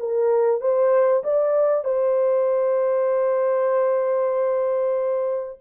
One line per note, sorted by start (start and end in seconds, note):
0.00 0.61 A#4
0.61 1.24 C5
1.24 1.85 D5
1.85 5.60 C5